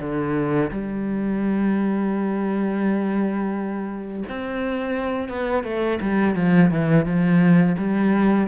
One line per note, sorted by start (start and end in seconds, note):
0.00 0.71 D3
0.71 4.24 G3
4.29 5.29 C4
5.29 5.64 B3
5.64 5.99 A3
6.01 6.36 G3
6.36 6.71 F3
6.71 7.06 E3
7.06 7.76 F3
7.78 8.48 G3